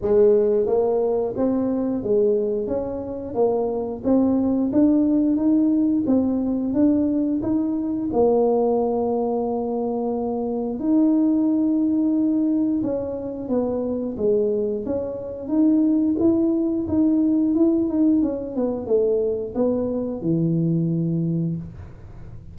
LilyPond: \new Staff \with { instrumentName = "tuba" } { \time 4/4 \tempo 4 = 89 gis4 ais4 c'4 gis4 | cis'4 ais4 c'4 d'4 | dis'4 c'4 d'4 dis'4 | ais1 |
dis'2. cis'4 | b4 gis4 cis'4 dis'4 | e'4 dis'4 e'8 dis'8 cis'8 b8 | a4 b4 e2 | }